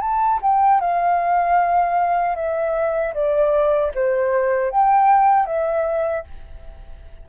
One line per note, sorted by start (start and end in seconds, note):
0.00 0.39 A5
0.42 0.80 G5
0.80 2.35 F5
2.35 3.13 E5
3.13 3.91 D5
3.94 4.70 C5
4.70 5.46 G5
5.46 6.24 E5